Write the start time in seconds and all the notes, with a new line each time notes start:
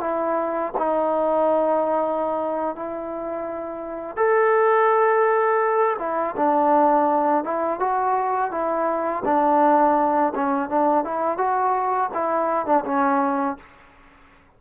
0.00 E4
0.78 D#4
2.75 E4
4.16 A4
5.99 E4
6.36 D4
7.44 E4
7.79 F#4
8.51 E4
9.24 D4
10.34 C#4
10.69 D4
11.04 E4
11.38 F#4
12.13 E4
12.66 D4
12.85 C#4